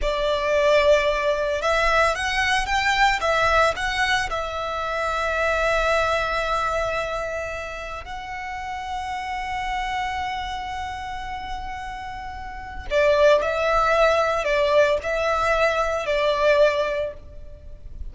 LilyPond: \new Staff \with { instrumentName = "violin" } { \time 4/4 \tempo 4 = 112 d''2. e''4 | fis''4 g''4 e''4 fis''4 | e''1~ | e''2. fis''4~ |
fis''1~ | fis''1 | d''4 e''2 d''4 | e''2 d''2 | }